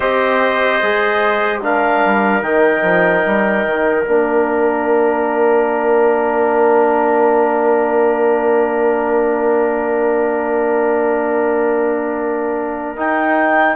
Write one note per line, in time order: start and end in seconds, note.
0.00 0.81 C4
0.00 0.81 G4
0.00 1.62 C5
0.00 1.60 D#5
0.82 2.04 G#3
0.82 1.61 G#4
1.61 2.42 D4
1.61 13.75 A#4
1.61 2.42 F5
2.05 2.41 G3
2.41 2.81 D#3
2.41 4.05 D#4
2.41 4.03 G5
2.82 3.23 F3
3.26 3.65 G3
3.65 4.06 D#3
4.03 12.98 A#3
4.03 12.96 D4
4.03 12.95 F5
12.96 13.75 D#4
12.96 13.75 G5